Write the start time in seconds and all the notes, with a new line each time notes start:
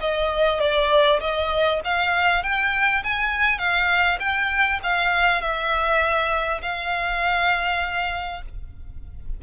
0.00 D#5
0.59 D5
1.20 D#5
1.84 F5
2.43 G5
3.03 G#5
3.58 F5
4.19 G5
4.83 F5
5.41 E5
6.62 F5